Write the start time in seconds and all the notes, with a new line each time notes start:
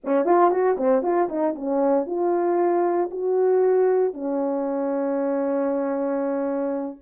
0.04 C#4
0.25 F4
0.50 F#4
0.77 C4
1.02 F4
1.28 D#4
1.55 C#4
2.06 F4
3.10 F#4
4.13 C#4